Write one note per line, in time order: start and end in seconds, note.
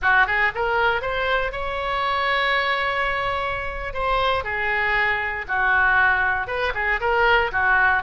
0.02 0.26 F#4
0.26 0.52 G#4
0.54 1.01 A#4
1.01 1.52 C5
1.52 3.93 C#5
3.93 4.44 C5
4.44 5.45 G#4
5.48 6.47 F#4
6.47 6.72 B4
6.74 7.00 G#4
7.00 7.51 A#4
7.52 8.02 F#4